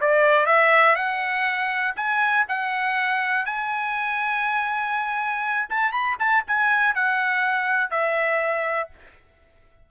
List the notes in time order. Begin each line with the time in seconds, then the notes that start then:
0.00 D5
0.46 E5
0.95 F#5
1.95 G#5
2.48 F#5
3.45 G#5
5.69 A5
5.92 B5
6.19 A5
6.47 G#5
6.94 F#5
7.90 E5